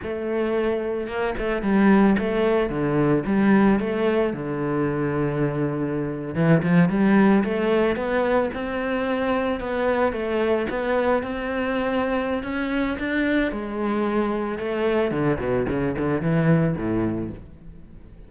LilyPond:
\new Staff \with { instrumentName = "cello" } { \time 4/4 \tempo 4 = 111 a2 ais8 a8 g4 | a4 d4 g4 a4 | d2.~ d8. e16~ | e16 f8 g4 a4 b4 c'16~ |
c'4.~ c'16 b4 a4 b16~ | b8. c'2~ c'16 cis'4 | d'4 gis2 a4 | d8 b,8 cis8 d8 e4 a,4 | }